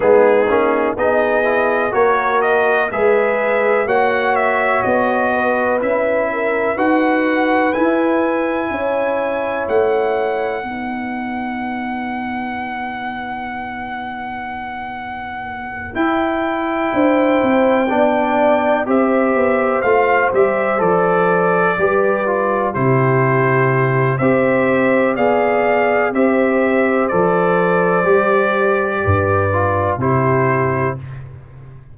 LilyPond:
<<
  \new Staff \with { instrumentName = "trumpet" } { \time 4/4 \tempo 4 = 62 gis'4 dis''4 cis''8 dis''8 e''4 | fis''8 e''8 dis''4 e''4 fis''4 | gis''2 fis''2~ | fis''1~ |
fis''8 g''2. e''8~ | e''8 f''8 e''8 d''2 c''8~ | c''4 e''4 f''4 e''4 | d''2. c''4 | }
  \new Staff \with { instrumentName = "horn" } { \time 4/4 dis'4 gis'4 ais'4 b'4 | cis''4. b'4 ais'8 b'4~ | b'4 cis''2 b'4~ | b'1~ |
b'4. c''4 d''4 c''8~ | c''2~ c''8 b'4 g'8~ | g'4 c''4 d''4 c''4~ | c''2 b'4 g'4 | }
  \new Staff \with { instrumentName = "trombone" } { \time 4/4 b8 cis'8 dis'8 e'8 fis'4 gis'4 | fis'2 e'4 fis'4 | e'2. dis'4~ | dis'1~ |
dis'8 e'2 d'4 g'8~ | g'8 f'8 g'8 a'4 g'8 f'8 e'8~ | e'4 g'4 gis'4 g'4 | a'4 g'4. f'8 e'4 | }
  \new Staff \with { instrumentName = "tuba" } { \time 4/4 gis8 ais8 b4 ais4 gis4 | ais4 b4 cis'4 dis'4 | e'4 cis'4 a4 b4~ | b1~ |
b8 e'4 d'8 c'8 b4 c'8 | b8 a8 g8 f4 g4 c8~ | c4 c'4 b4 c'4 | f4 g4 g,4 c4 | }
>>